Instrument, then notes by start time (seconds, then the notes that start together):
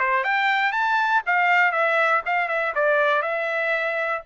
trumpet
0.00 C5
0.24 G5
0.73 A5
1.26 F5
1.72 E5
2.26 F5
2.49 E5
2.76 D5
3.23 E5